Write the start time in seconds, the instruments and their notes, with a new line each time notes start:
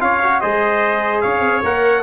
0.00 tuba C#4, trombone F4, trumpet C#5 F5
0.23 trombone F#4
0.41 tuba G#3, trombone G#4, trumpet C5 D#5
1.21 tuba C#4, trumpet C#5 F5
1.41 tuba C4
1.63 tuba A#3, trombone A#4, trumpet F#5